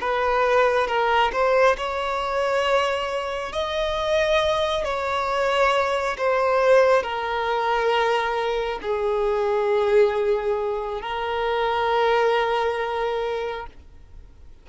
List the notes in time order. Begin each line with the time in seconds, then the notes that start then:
0.00 B4
0.87 A#4
1.32 C5
1.77 C#5
3.52 D#5
4.84 C#5
6.17 C5
7.02 A#4
8.82 G#4
11.01 A#4